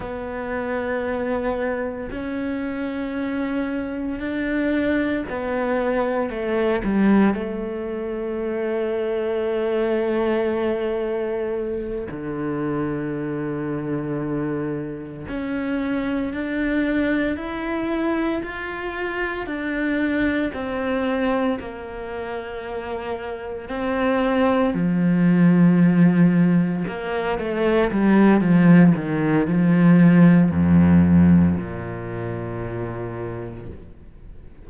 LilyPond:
\new Staff \with { instrumentName = "cello" } { \time 4/4 \tempo 4 = 57 b2 cis'2 | d'4 b4 a8 g8 a4~ | a2.~ a8 d8~ | d2~ d8 cis'4 d'8~ |
d'8 e'4 f'4 d'4 c'8~ | c'8 ais2 c'4 f8~ | f4. ais8 a8 g8 f8 dis8 | f4 f,4 ais,2 | }